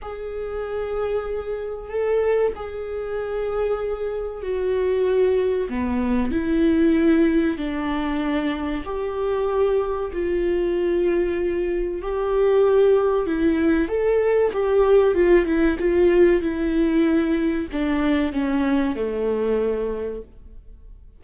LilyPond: \new Staff \with { instrumentName = "viola" } { \time 4/4 \tempo 4 = 95 gis'2. a'4 | gis'2. fis'4~ | fis'4 b4 e'2 | d'2 g'2 |
f'2. g'4~ | g'4 e'4 a'4 g'4 | f'8 e'8 f'4 e'2 | d'4 cis'4 a2 | }